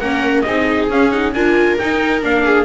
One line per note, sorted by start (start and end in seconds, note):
0.00 0.45 A#3
0.00 0.45 C#4
0.00 0.44 A#4
0.00 0.41 F#5
0.41 0.89 C4
0.41 0.90 D#4
0.41 1.34 G#4
0.41 0.85 D#5
0.89 1.33 C#4
0.89 1.11 C#4
0.89 1.10 F5
1.10 1.33 D#4
1.10 1.33 F#5
1.33 1.77 D4
1.33 1.79 F4
1.33 2.44 A#4
1.33 1.77 G#5
1.78 2.21 D#4
1.78 2.23 D#4
1.78 2.22 G5
2.21 2.64 A#3
2.21 2.64 D4
2.21 2.64 F5
2.44 2.64 G#4